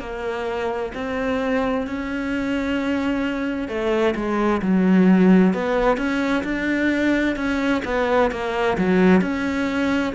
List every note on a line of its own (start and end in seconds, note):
0.00 0.92 A#3
0.94 1.87 C4
1.87 3.68 C#4
3.68 4.15 A3
4.15 4.62 G#3
4.62 5.54 F#3
5.54 5.97 B3
5.97 6.43 C#4
6.44 7.36 D4
7.36 7.82 C#4
7.85 8.31 B3
8.31 8.77 A#3
8.77 9.21 F#3
9.21 10.13 C#4